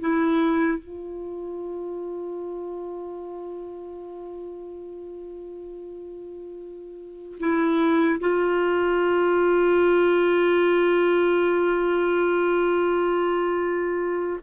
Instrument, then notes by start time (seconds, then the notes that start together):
clarinet
0.00 E4
0.79 F4
7.40 E4
8.20 F4